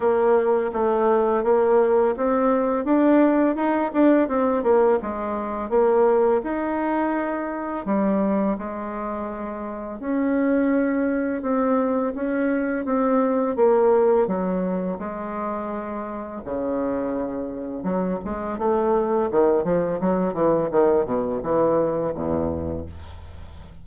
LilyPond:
\new Staff \with { instrumentName = "bassoon" } { \time 4/4 \tempo 4 = 84 ais4 a4 ais4 c'4 | d'4 dis'8 d'8 c'8 ais8 gis4 | ais4 dis'2 g4 | gis2 cis'2 |
c'4 cis'4 c'4 ais4 | fis4 gis2 cis4~ | cis4 fis8 gis8 a4 dis8 f8 | fis8 e8 dis8 b,8 e4 e,4 | }